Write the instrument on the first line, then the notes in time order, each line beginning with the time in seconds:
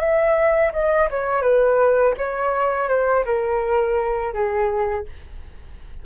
flute
0.00 E5
0.73 D#5
1.11 C#5
1.42 B4
2.18 C#5
2.89 C5
3.26 A#4
4.34 G#4